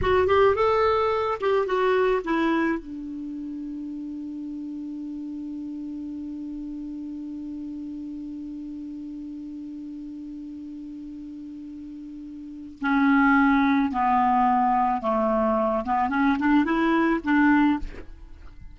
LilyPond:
\new Staff \with { instrumentName = "clarinet" } { \time 4/4 \tempo 4 = 108 fis'8 g'8 a'4. g'8 fis'4 | e'4 d'2.~ | d'1~ | d'1~ |
d'1~ | d'2. cis'4~ | cis'4 b2 a4~ | a8 b8 cis'8 d'8 e'4 d'4 | }